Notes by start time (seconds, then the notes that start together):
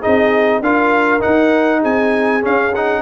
0.00 D#4 G#4 D#5
0.07 C4
0.61 D4 F4 A#4 F5
1.20 D#4 F#5
1.81 C4 G#4 G#5
2.42 C#4 F5
2.75 D#4 F#5